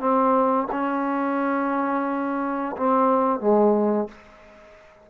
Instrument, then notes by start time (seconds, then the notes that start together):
trombone
0.00 C4
0.72 C#4
2.77 C4
3.40 G#3